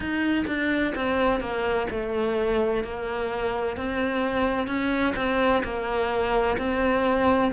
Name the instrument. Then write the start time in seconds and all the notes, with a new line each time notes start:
cello
0.00 D#4
0.46 D4
0.95 C4
1.40 A#3
1.90 A3
2.84 A#3
3.76 C4
4.67 C#4
5.16 C4
5.63 A#3
6.57 C4